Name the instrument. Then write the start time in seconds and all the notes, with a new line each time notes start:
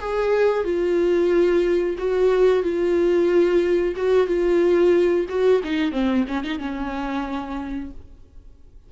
viola
0.00 G#4
0.64 F4
1.98 F#4
2.63 F4
3.97 F#4
4.27 F4
5.29 F#4
5.64 D#4
5.92 C4
6.28 C#4
6.44 D#4
6.59 C#4